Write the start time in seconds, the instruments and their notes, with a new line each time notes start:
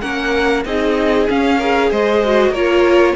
0.00 cello A#3, viola C#4, violin A#4 F#5
0.65 cello C4, viola D#4, violin G#4 D#5
1.29 viola C#4, cello C#4, violin F5
1.57 viola G#4, violin A#4
1.91 cello G#3, violin C5 D#5
2.24 viola F#4
2.50 cello A#3, viola F4, violin A#4 C#5